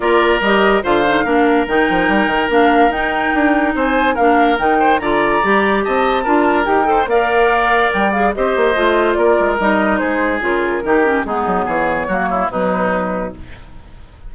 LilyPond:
<<
  \new Staff \with { instrumentName = "flute" } { \time 4/4 \tempo 4 = 144 d''4 dis''4 f''2 | g''2 f''4 g''4~ | g''4 gis''4 f''4 g''4 | ais''2 a''2 |
g''4 f''2 g''8 f''8 | dis''2 d''4 dis''4 | c''4 ais'2 gis'4 | cis''2 b'2 | }
  \new Staff \with { instrumentName = "oboe" } { \time 4/4 ais'2 c''4 ais'4~ | ais'1~ | ais'4 c''4 ais'4. c''8 | d''2 dis''4 ais'4~ |
ais'8 c''8 d''2. | c''2 ais'2 | gis'2 g'4 dis'4 | gis'4 fis'8 e'8 dis'2 | }
  \new Staff \with { instrumentName = "clarinet" } { \time 4/4 f'4 g'4 f'8 dis'8 d'4 | dis'2 d'4 dis'4~ | dis'2 d'4 dis'4 | f'4 g'2 f'4 |
g'8 a'8 ais'2~ ais'8 gis'8 | g'4 f'2 dis'4~ | dis'4 f'4 dis'8 cis'8 b4~ | b4 ais4 fis2 | }
  \new Staff \with { instrumentName = "bassoon" } { \time 4/4 ais4 g4 d4 ais4 | dis8 f8 g8 dis8 ais4 dis'4 | d'4 c'4 ais4 dis4 | d4 g4 c'4 d'4 |
dis'4 ais2 g4 | c'8 ais8 a4 ais8 gis8 g4 | gis4 cis4 dis4 gis8 fis8 | e4 fis4 b,2 | }
>>